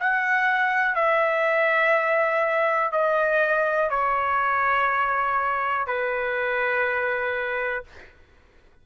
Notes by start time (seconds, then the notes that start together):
0.00 F#5
0.95 E5
2.92 D#5
3.90 C#5
5.87 B4